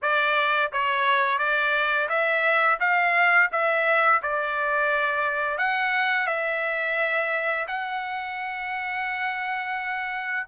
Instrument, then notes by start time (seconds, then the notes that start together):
trumpet
0.02 D5
0.72 C#5
1.38 D5
2.08 E5
2.80 F5
3.51 E5
4.22 D5
5.58 F#5
6.26 E5
7.67 F#5